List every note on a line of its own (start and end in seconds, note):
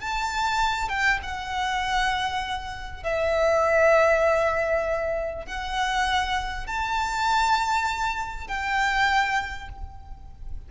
0.00 0.89 A5
0.89 1.19 G5
1.23 3.03 F#5
3.03 5.46 E5
5.46 6.67 F#5
6.67 8.47 A5
8.47 9.69 G5